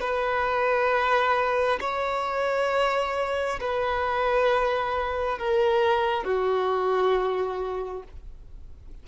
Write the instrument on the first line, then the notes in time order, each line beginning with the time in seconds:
violin
0.00 B4
1.80 C#5
3.60 B4
5.39 A#4
6.24 F#4